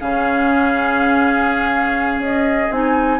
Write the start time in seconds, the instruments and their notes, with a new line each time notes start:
0.00 bassoon C#3, clarinet C#4, oboe G#4, flute F5
2.19 bassoon C#4, flute D#5
2.71 bassoon C4, clarinet D#4, flute G#5